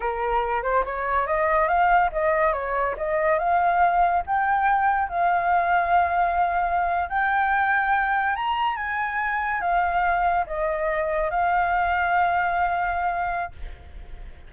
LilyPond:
\new Staff \with { instrumentName = "flute" } { \time 4/4 \tempo 4 = 142 ais'4. c''8 cis''4 dis''4 | f''4 dis''4 cis''4 dis''4 | f''2 g''2 | f''1~ |
f''8. g''2. ais''16~ | ais''8. gis''2 f''4~ f''16~ | f''8. dis''2 f''4~ f''16~ | f''1 | }